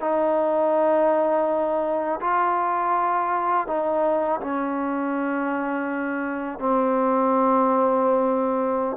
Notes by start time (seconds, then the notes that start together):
0.00 D#4
2.21 F4
3.67 D#4
4.41 C#4
6.59 C4